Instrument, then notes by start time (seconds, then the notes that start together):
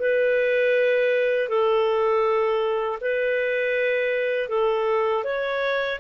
clarinet
0.00 B4
1.49 A4
3.01 B4
4.49 A4
5.24 C#5